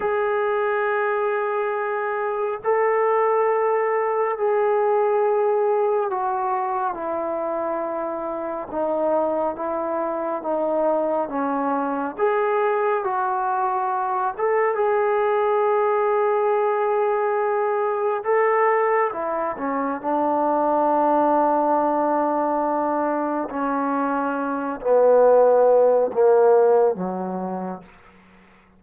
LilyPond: \new Staff \with { instrumentName = "trombone" } { \time 4/4 \tempo 4 = 69 gis'2. a'4~ | a'4 gis'2 fis'4 | e'2 dis'4 e'4 | dis'4 cis'4 gis'4 fis'4~ |
fis'8 a'8 gis'2.~ | gis'4 a'4 e'8 cis'8 d'4~ | d'2. cis'4~ | cis'8 b4. ais4 fis4 | }